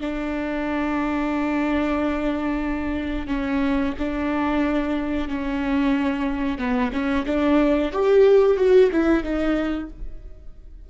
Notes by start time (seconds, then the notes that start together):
0.00 D4
3.27 C#4
3.98 D4
5.28 C#4
6.58 B3
6.92 C#4
7.26 D4
7.92 G4
8.57 F#4
8.91 E4
9.23 D#4